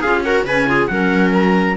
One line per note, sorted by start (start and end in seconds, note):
0.00 0.44 C#4
0.00 0.25 F4
0.00 0.22 G#4
0.00 0.23 F5
0.24 0.46 F#4
0.24 0.46 A#4
0.24 0.46 F#5
0.44 0.87 C#3
0.44 0.67 C#4
0.44 0.68 B4
0.44 0.87 G#5
0.67 0.89 F4
0.67 0.91 G#4
0.87 1.77 F#3
0.87 1.77 C#4
0.87 1.77 A#4
0.87 1.31 F#5
1.34 1.77 A#5